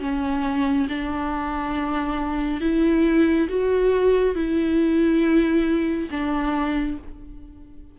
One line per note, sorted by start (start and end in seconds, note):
0.00 0.87 C#4
0.89 2.61 D4
2.61 3.48 E4
3.49 4.35 F#4
4.35 6.09 E4
6.11 6.98 D4